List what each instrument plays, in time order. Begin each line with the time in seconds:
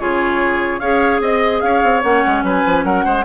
0.00 bassoon C#3, clarinet F4, oboe G#4, flute C#5
0.80 bassoon C#4, clarinet G#4, oboe C#5, flute F5
1.21 bassoon C4, oboe D#5, flute D#5
1.62 bassoon C#4, oboe C#5, flute F5
1.84 bassoon C4
2.03 bassoon A#3, clarinet C#4, flute F#5
2.27 bassoon G#3
2.44 bassoon F#3, oboe B4, flute G#5
2.66 bassoon F3
2.85 bassoon F#3, oboe A#4, flute F#5
3.05 bassoon G#3, oboe C5